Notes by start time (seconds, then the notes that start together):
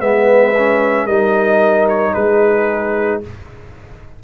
0.00 G#3 B3 B4 E5
0.58 C#4
1.05 G3 D#4 A#4 D#5
1.89 C#5
2.14 G#3 G#4 B4